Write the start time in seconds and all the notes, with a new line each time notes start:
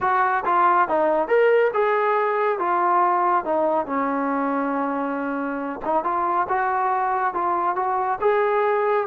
0.00 F#4
0.45 F4
0.88 D#4
1.28 A#4
1.73 G#4
2.58 F4
3.44 D#4
3.85 C#4
5.84 D#4
6.04 F4
6.48 F#4
7.33 F4
7.75 F#4
8.20 G#4